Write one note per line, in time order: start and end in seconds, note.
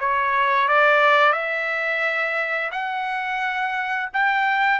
0.00 0.68 C#5
0.68 1.33 D5
1.33 2.71 E5
2.71 4.09 F#5
4.13 4.80 G5